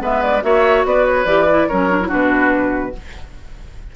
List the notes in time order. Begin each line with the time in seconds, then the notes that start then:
0.00 G#3 B3 B4 E5
0.23 D5
0.42 A#3 F#4 C#5 E5
0.85 B3 B4 D5
1.06 C#5
1.25 E3 G4 D5
1.50 E4
1.68 F#3 C#4 A#4 C#5
1.90 D4
2.01 E4
2.08 B2 D4 F#4 B4